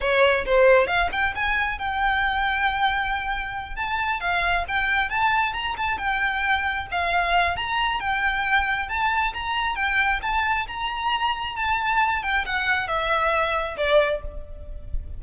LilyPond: \new Staff \with { instrumentName = "violin" } { \time 4/4 \tempo 4 = 135 cis''4 c''4 f''8 g''8 gis''4 | g''1~ | g''8 a''4 f''4 g''4 a''8~ | a''8 ais''8 a''8 g''2 f''8~ |
f''4 ais''4 g''2 | a''4 ais''4 g''4 a''4 | ais''2 a''4. g''8 | fis''4 e''2 d''4 | }